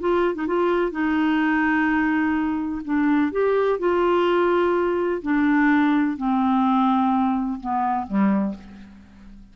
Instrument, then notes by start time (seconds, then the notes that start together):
clarinet
0.00 F4
0.35 D#4
0.47 F4
0.92 D#4
2.85 D4
3.32 G4
3.79 F4
5.23 D4
6.17 C4
7.61 B3
8.07 G3